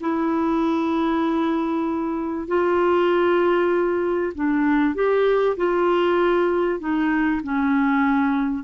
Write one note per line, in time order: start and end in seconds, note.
0.00 2.47 E4
2.47 4.33 F4
4.34 4.94 D4
4.94 5.56 G4
5.56 6.79 F4
6.79 7.41 D#4
7.43 8.63 C#4